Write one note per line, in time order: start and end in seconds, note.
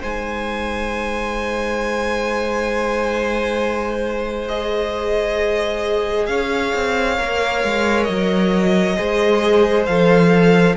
0.00 6.28 G#3
0.00 4.49 D#4
0.00 6.27 C5
0.00 4.48 G#5
4.48 7.17 G#4
4.48 6.26 D#5
6.26 6.73 C#4
6.26 8.96 C#5
6.26 8.04 F5
6.74 7.19 C4
7.17 7.63 A#3
7.17 8.96 A#4
7.63 8.08 G#3
8.04 8.98 F#3
8.04 9.83 D#5
8.96 9.87 G#3
8.96 9.86 G#4
8.96 10.75 C5
9.86 10.76 F3
9.86 10.76 A4
9.86 10.76 F5